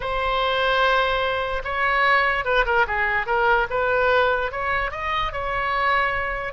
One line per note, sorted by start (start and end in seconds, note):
0.00 1.62 C5
1.64 2.45 C#5
2.45 2.65 B4
2.65 2.86 A#4
2.87 3.26 G#4
3.26 3.67 A#4
3.69 4.51 B4
4.51 4.91 C#5
4.91 5.32 D#5
5.32 6.53 C#5